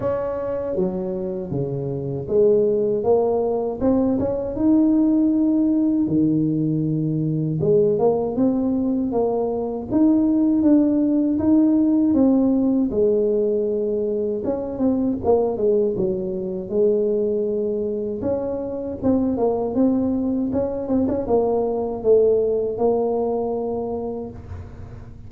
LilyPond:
\new Staff \with { instrumentName = "tuba" } { \time 4/4 \tempo 4 = 79 cis'4 fis4 cis4 gis4 | ais4 c'8 cis'8 dis'2 | dis2 gis8 ais8 c'4 | ais4 dis'4 d'4 dis'4 |
c'4 gis2 cis'8 c'8 | ais8 gis8 fis4 gis2 | cis'4 c'8 ais8 c'4 cis'8 c'16 cis'16 | ais4 a4 ais2 | }